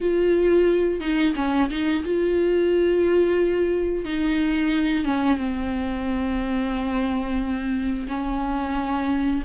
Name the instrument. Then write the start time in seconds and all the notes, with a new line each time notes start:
viola
0.01 F4
1.00 D#4
1.35 C#4
1.70 D#4
2.04 F4
4.04 D#4
5.04 C#4
5.37 C4
8.08 C#4